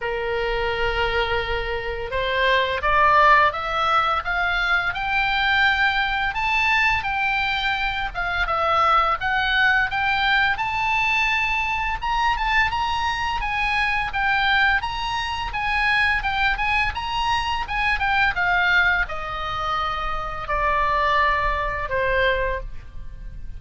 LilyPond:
\new Staff \with { instrumentName = "oboe" } { \time 4/4 \tempo 4 = 85 ais'2. c''4 | d''4 e''4 f''4 g''4~ | g''4 a''4 g''4. f''8 | e''4 fis''4 g''4 a''4~ |
a''4 ais''8 a''8 ais''4 gis''4 | g''4 ais''4 gis''4 g''8 gis''8 | ais''4 gis''8 g''8 f''4 dis''4~ | dis''4 d''2 c''4 | }